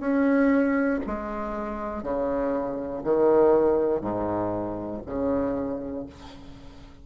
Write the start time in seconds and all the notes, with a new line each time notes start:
0.00 C#4
1.07 G#3
2.03 C#3
3.04 D#3
4.01 G#2
5.06 C#3